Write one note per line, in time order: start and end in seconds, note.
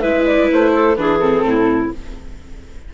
0.00 0.49 G#3
0.00 0.96 E4
0.00 0.71 B4
0.00 0.23 E5
0.25 0.49 D5
0.52 0.97 A3
0.52 0.95 C5
0.74 0.97 A4
0.95 1.43 E3
0.95 1.20 D4
0.95 1.46 G#4
0.95 1.19 B4
1.19 1.90 C4
1.19 1.89 A4
1.43 1.90 A2
1.43 1.94 E4